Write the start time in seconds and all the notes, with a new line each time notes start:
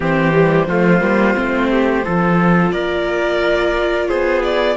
0.00 E3 C4 G4 C5
0.32 G3
0.67 F3 A3 F4
1.00 G3 A#3
1.34 A3 C4
1.71 G4
2.04 F3 F4 A4
2.72 A#3 A#4 D5
4.08 B3 G#4 C5
4.43 D5